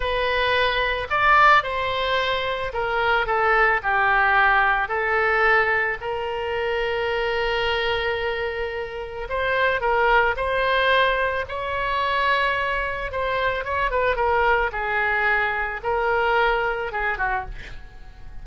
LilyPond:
\new Staff \with { instrumentName = "oboe" } { \time 4/4 \tempo 4 = 110 b'2 d''4 c''4~ | c''4 ais'4 a'4 g'4~ | g'4 a'2 ais'4~ | ais'1~ |
ais'4 c''4 ais'4 c''4~ | c''4 cis''2. | c''4 cis''8 b'8 ais'4 gis'4~ | gis'4 ais'2 gis'8 fis'8 | }